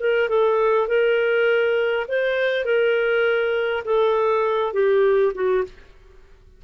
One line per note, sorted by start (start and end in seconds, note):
0.00 0.29 A#4
0.29 0.88 A4
0.88 2.07 A#4
2.08 2.65 C5
2.65 3.84 A#4
3.85 4.73 A4
4.73 5.33 G4
5.34 5.64 F#4